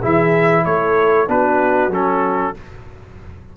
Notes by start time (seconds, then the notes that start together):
0.00 E3 E4 G#4 E5
0.65 A3 A4 C#5
1.27 B3 D4 F#4 B4
1.89 F#3 C#4 A4